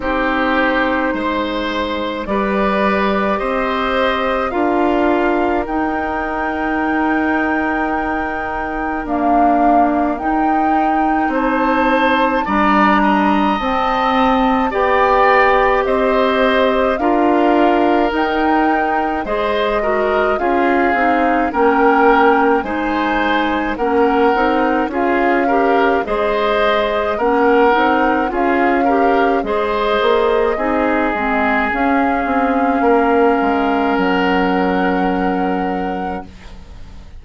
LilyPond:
<<
  \new Staff \with { instrumentName = "flute" } { \time 4/4 \tempo 4 = 53 c''2 d''4 dis''4 | f''4 g''2. | f''4 g''4 a''4 ais''4 | a''4 g''4 dis''4 f''4 |
g''4 dis''4 f''4 g''4 | gis''4 fis''4 f''4 dis''4 | fis''4 f''4 dis''2 | f''2 fis''2 | }
  \new Staff \with { instrumentName = "oboe" } { \time 4/4 g'4 c''4 b'4 c''4 | ais'1~ | ais'2 c''4 d''8 dis''8~ | dis''4 d''4 c''4 ais'4~ |
ais'4 c''8 ais'8 gis'4 ais'4 | c''4 ais'4 gis'8 ais'8 c''4 | ais'4 gis'8 ais'8 c''4 gis'4~ | gis'4 ais'2. | }
  \new Staff \with { instrumentName = "clarinet" } { \time 4/4 dis'2 g'2 | f'4 dis'2. | ais4 dis'2 d'4 | c'4 g'2 f'4 |
dis'4 gis'8 fis'8 f'8 dis'8 cis'4 | dis'4 cis'8 dis'8 f'8 g'8 gis'4 | cis'8 dis'8 f'8 g'8 gis'4 dis'8 c'8 | cis'1 | }
  \new Staff \with { instrumentName = "bassoon" } { \time 4/4 c'4 gis4 g4 c'4 | d'4 dis'2. | d'4 dis'4 c'4 g4 | c'4 b4 c'4 d'4 |
dis'4 gis4 cis'8 c'8 ais4 | gis4 ais8 c'8 cis'4 gis4 | ais8 c'8 cis'4 gis8 ais8 c'8 gis8 | cis'8 c'8 ais8 gis8 fis2 | }
>>